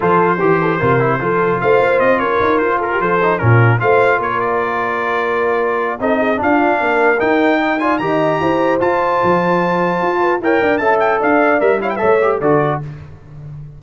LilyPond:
<<
  \new Staff \with { instrumentName = "trumpet" } { \time 4/4 \tempo 4 = 150 c''1 | f''4 dis''8 cis''4 c''8 ais'8 c''8~ | c''8 ais'4 f''4 cis''8 d''4~ | d''2. dis''4 |
f''2 g''4. gis''8 | ais''2 a''2~ | a''2 g''4 a''8 g''8 | f''4 e''8 f''16 g''16 e''4 d''4 | }
  \new Staff \with { instrumentName = "horn" } { \time 4/4 a'4 g'8 a'8 ais'4 a'4 | c''4. ais'4. a'16 g'16 a'8~ | a'8 f'4 c''4 ais'4.~ | ais'2. a'8 gis'8 |
f'4 ais'2 dis''8 d''8 | dis''4 c''2.~ | c''4. b'8 cis''8 d''8 e''4 | d''4. cis''16 b'16 cis''4 a'4 | }
  \new Staff \with { instrumentName = "trombone" } { \time 4/4 f'4 g'4 f'8 e'8 f'4~ | f'1 | dis'8 cis'4 f'2~ f'8~ | f'2. dis'4 |
d'2 dis'4. f'8 | g'2 f'2~ | f'2 ais'4 a'4~ | a'4 ais'8 e'8 a'8 g'8 fis'4 | }
  \new Staff \with { instrumentName = "tuba" } { \time 4/4 f4 e4 c4 f4 | a8 ais8 c'8 cis'8 dis'8 f'4 f8~ | f8 ais,4 a4 ais4.~ | ais2. c'4 |
d'4 ais4 dis'2 | dis4 e'4 f'4 f4~ | f4 f'4 e'8 d'8 cis'4 | d'4 g4 a4 d4 | }
>>